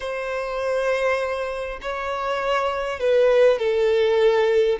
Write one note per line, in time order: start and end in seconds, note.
0.00 1.79 C5
1.81 2.99 C#5
2.99 3.58 B4
3.58 4.78 A4